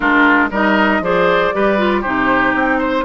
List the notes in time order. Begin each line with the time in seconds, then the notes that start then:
0.00 G#3 D4 F4 A#4
0.50 G3 D#4 A#4 D#5
1.00 F3 G#4 C5 D5
1.53 G3 G4 B4
1.78 F4
2.01 C3 D#4 G4 C5
2.54 C4 G5
2.78 C5